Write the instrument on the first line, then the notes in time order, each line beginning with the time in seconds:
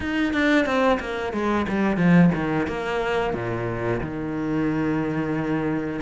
cello
0.00 D#4
0.33 D4
0.65 C4
1.00 A#3
1.32 G#3
1.68 G3
1.97 F3
2.34 D#3
2.67 A#3
3.33 A#2
4.01 D#3